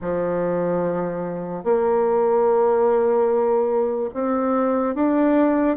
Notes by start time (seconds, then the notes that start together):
0.01 F3
1.63 A#3
4.14 C4
4.94 D4